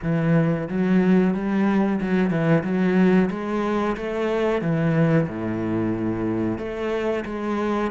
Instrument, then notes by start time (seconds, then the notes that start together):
cello
0.02 E3
0.68 F#3
1.34 G3
2.00 F#3
2.30 E3
2.63 F#3
3.30 G#3
3.97 A3
4.61 E3
5.28 A2
6.58 A3
7.25 G#3